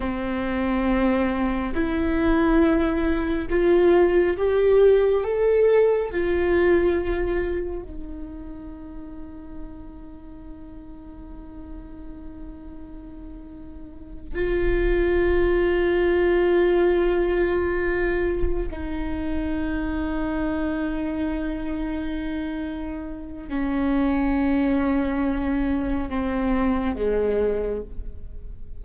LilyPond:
\new Staff \with { instrumentName = "viola" } { \time 4/4 \tempo 4 = 69 c'2 e'2 | f'4 g'4 a'4 f'4~ | f'4 dis'2.~ | dis'1~ |
dis'8 f'2.~ f'8~ | f'4. dis'2~ dis'8~ | dis'2. cis'4~ | cis'2 c'4 gis4 | }